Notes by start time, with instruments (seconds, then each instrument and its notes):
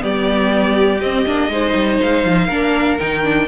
0.00 cello G3, viola B3, violin G4 D5
1.01 cello C4, viola C4, violin D#5
1.26 cello A#3, viola D4
1.48 cello G#3, viola D#4, violin C5
1.74 cello G3
2.01 cello G#3, violin F5
2.24 cello F3
2.47 cello A#3, viola D4, violin A#4
2.99 cello D#3, viola D#4, violin G5
3.23 viola D4